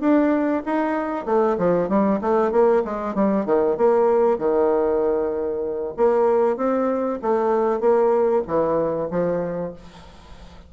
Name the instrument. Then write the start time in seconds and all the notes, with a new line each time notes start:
bassoon
0.00 D4
0.66 D#4
1.25 A3
1.58 F3
1.88 G3
2.21 A3
2.51 A#3
2.85 G#3
3.14 G3
3.45 D#3
3.77 A#3
4.38 D#3
5.97 A#3
6.57 C4
7.22 A3
7.80 A#3
8.47 E3
9.11 F3